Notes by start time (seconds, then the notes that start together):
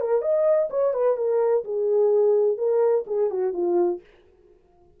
0.00 A#4
0.21 D#5
0.70 C#5
0.93 B4
1.17 A#4
1.64 G#4
2.57 A#4
3.06 G#4
3.30 F#4
3.53 F4